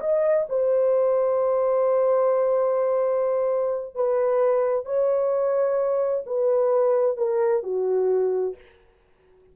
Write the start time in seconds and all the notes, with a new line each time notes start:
0.00 D#5
0.49 C5
3.95 B4
4.85 C#5
6.26 B4
7.17 A#4
7.63 F#4